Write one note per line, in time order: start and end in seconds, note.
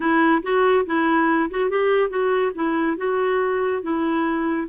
0.00 0.42 E4
0.43 0.85 F#4
0.86 1.50 E4
1.50 1.69 F#4
1.69 2.09 G4
2.09 2.52 F#4
2.54 2.97 E4
2.97 3.82 F#4
3.82 4.67 E4